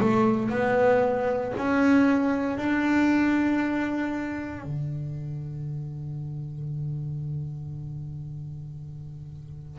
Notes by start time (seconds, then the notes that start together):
0.00 A3
0.49 B3
1.57 C#4
2.57 D4
4.63 D3